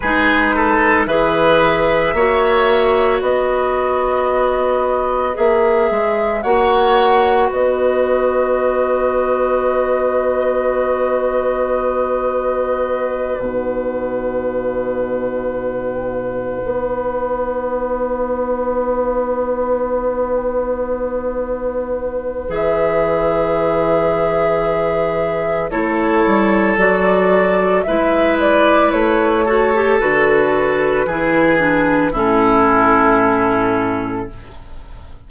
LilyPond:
<<
  \new Staff \with { instrumentName = "flute" } { \time 4/4 \tempo 4 = 56 b'4 e''2 dis''4~ | dis''4 e''4 fis''4 dis''4~ | dis''1~ | dis''8 fis''2.~ fis''8~ |
fis''1~ | fis''4 e''2. | cis''4 d''4 e''8 d''8 cis''4 | b'2 a'2 | }
  \new Staff \with { instrumentName = "oboe" } { \time 4/4 gis'8 a'8 b'4 cis''4 b'4~ | b'2 cis''4 b'4~ | b'1~ | b'1~ |
b'1~ | b'1 | a'2 b'4. a'8~ | a'4 gis'4 e'2 | }
  \new Staff \with { instrumentName = "clarinet" } { \time 4/4 dis'4 gis'4 fis'2~ | fis'4 gis'4 fis'2~ | fis'1~ | fis'8 dis'2.~ dis'8~ |
dis'1~ | dis'4 gis'2. | e'4 fis'4 e'4. fis'16 g'16 | fis'4 e'8 d'8 cis'2 | }
  \new Staff \with { instrumentName = "bassoon" } { \time 4/4 gis4 e4 ais4 b4~ | b4 ais8 gis8 ais4 b4~ | b1~ | b8 b,2. b8~ |
b1~ | b4 e2. | a8 g8 fis4 gis4 a4 | d4 e4 a,2 | }
>>